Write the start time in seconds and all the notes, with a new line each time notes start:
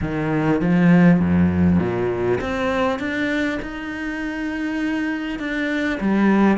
0.01 D#3
0.61 F3
1.20 F2
1.79 A#2
2.41 C4
2.99 D4
3.62 D#4
5.39 D4
6.00 G3